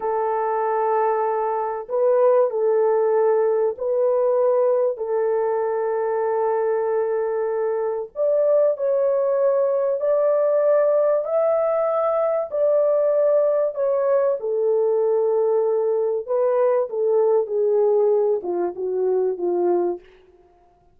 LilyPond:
\new Staff \with { instrumentName = "horn" } { \time 4/4 \tempo 4 = 96 a'2. b'4 | a'2 b'2 | a'1~ | a'4 d''4 cis''2 |
d''2 e''2 | d''2 cis''4 a'4~ | a'2 b'4 a'4 | gis'4. f'8 fis'4 f'4 | }